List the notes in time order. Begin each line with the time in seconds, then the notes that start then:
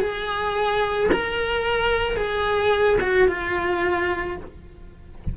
0.00 G#4
1.12 A#4
2.16 G#4
3.01 F#4
3.28 F4